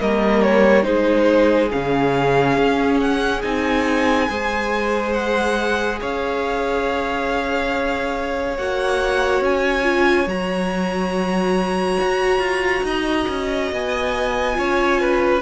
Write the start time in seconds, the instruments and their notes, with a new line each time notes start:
0.00 cello G3, viola A#3, violin A#4 D#5
0.42 violin C#5
0.83 cello G#3, viola D#4, violin G#4 C5
1.71 cello C#3, viola C#4, violin F5
2.57 cello C#4
3.00 violin F#5
3.42 cello C4, viola D#4, violin G#5
4.28 cello G#3, viola G#4, violin C5
5.13 violin F#5
6.01 cello C#4, violin C#5 F5
8.57 cello A#3, viola F#4, violin F#5
9.41 cello C#4, violin G#5
9.83 viola F4
10.27 cello F#3, viola F#4, violin A#5
12.01 cello F#4
12.39 cello F4
12.84 cello D#4, violin D#5
13.29 cello C#4
13.72 cello B3, violin G#5
14.54 cello C#4, viola F4, violin C#5
15.01 violin B4